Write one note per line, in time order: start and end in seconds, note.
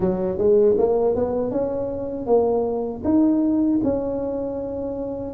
0.00 0.38 F#3
0.38 0.76 G#3
0.78 1.15 A#3
1.15 1.51 B3
1.51 2.26 C#4
2.26 3.02 A#3
3.04 3.80 D#4
3.83 5.34 C#4